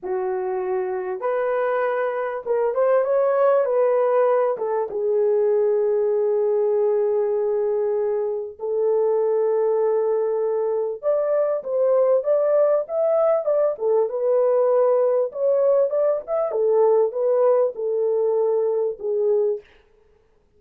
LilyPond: \new Staff \with { instrumentName = "horn" } { \time 4/4 \tempo 4 = 98 fis'2 b'2 | ais'8 c''8 cis''4 b'4. a'8 | gis'1~ | gis'2 a'2~ |
a'2 d''4 c''4 | d''4 e''4 d''8 a'8 b'4~ | b'4 cis''4 d''8 e''8 a'4 | b'4 a'2 gis'4 | }